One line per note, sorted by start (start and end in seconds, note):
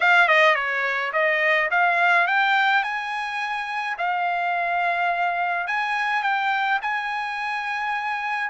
0.00 0.28 F5
0.28 0.55 D#5
0.55 1.12 C#5
1.12 1.69 D#5
1.71 2.27 F5
2.27 2.83 G5
2.83 3.96 G#5
3.98 5.67 F5
5.67 6.22 G#5
6.22 6.79 G5
6.82 8.50 G#5